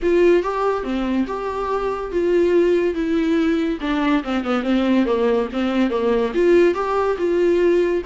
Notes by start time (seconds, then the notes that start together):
0.02 F4
0.42 G4
0.83 C4
1.27 G4
2.11 F4
2.94 E4
3.80 D4
4.23 C4
4.44 B3
4.63 C4
5.05 A#3
5.52 C4
5.90 A#3
6.34 F4
6.74 G4
7.17 F4